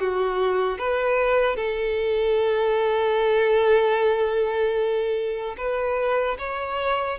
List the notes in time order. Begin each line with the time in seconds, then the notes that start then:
0.00 F#4
0.79 B4
1.56 A4
5.57 B4
6.39 C#5